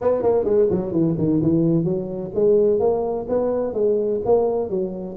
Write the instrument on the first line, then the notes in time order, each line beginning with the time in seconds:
tuba
0.01 B3
0.22 A#3
0.44 G#3
0.70 F#3
0.91 E3
1.18 D#3
1.42 E3
1.84 F#3
2.34 G#3
2.79 A#3
3.28 B3
3.73 G#3
4.25 A#3
4.69 F#3